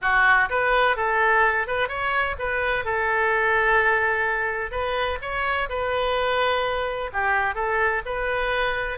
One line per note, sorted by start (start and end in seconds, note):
0.01 0.49 F#4
0.49 0.96 B4
0.96 1.67 A4
1.67 1.88 B4
1.88 2.35 C#5
2.38 2.84 B4
2.84 4.71 A4
4.71 5.18 B4
5.21 5.68 C#5
5.69 7.10 B4
7.13 7.54 G4
7.54 8.02 A4
8.05 8.98 B4